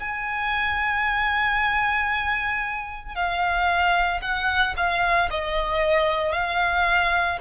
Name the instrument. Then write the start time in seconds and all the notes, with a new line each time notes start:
violin
0.00 G#5
3.15 F5
4.22 F#5
4.77 F5
5.31 D#5
6.33 F5